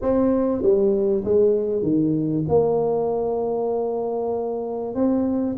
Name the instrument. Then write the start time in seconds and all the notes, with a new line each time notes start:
tuba
0.01 C4
0.62 G3
1.24 G#3
1.82 D#3
2.48 A#3
4.94 C4